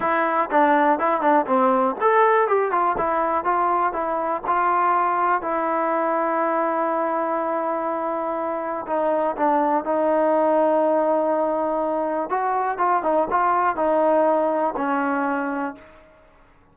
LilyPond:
\new Staff \with { instrumentName = "trombone" } { \time 4/4 \tempo 4 = 122 e'4 d'4 e'8 d'8 c'4 | a'4 g'8 f'8 e'4 f'4 | e'4 f'2 e'4~ | e'1~ |
e'2 dis'4 d'4 | dis'1~ | dis'4 fis'4 f'8 dis'8 f'4 | dis'2 cis'2 | }